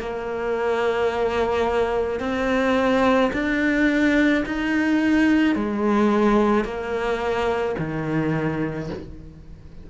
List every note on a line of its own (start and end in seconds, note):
0.00 2.20 A#3
2.20 3.31 C4
3.33 4.44 D4
4.46 5.56 D#4
5.56 6.64 G#3
6.64 7.75 A#3
7.79 8.90 D#3